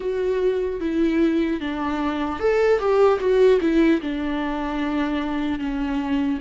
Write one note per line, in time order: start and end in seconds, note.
0.00 0.80 F#4
0.80 1.60 E4
1.60 2.39 D4
2.39 2.79 A4
2.79 3.19 G4
3.19 3.59 F#4
3.60 4.00 E4
4.01 5.59 D4
5.59 6.39 C#4